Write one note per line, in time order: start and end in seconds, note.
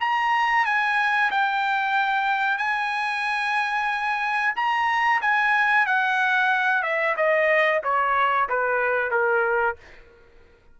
0.00 0.65 A#5
0.65 1.30 G#5
1.30 2.58 G5
2.58 4.53 G#5
4.55 5.21 A#5
5.21 5.86 G#5
5.86 6.82 F#5
6.82 7.15 E5
7.16 7.81 D#5
7.83 8.48 C#5
8.49 9.11 B4
9.11 9.76 A#4